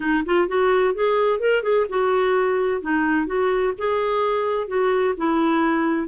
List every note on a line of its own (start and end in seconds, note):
0.00 0.24 D#4
0.25 0.48 F4
0.48 0.94 F#4
0.94 1.39 G#4
1.39 1.62 A#4
1.62 1.86 G#4
1.89 2.81 F#4
2.81 3.26 D#4
3.26 3.73 F#4
3.77 4.67 G#4
4.67 5.14 F#4
5.17 6.07 E4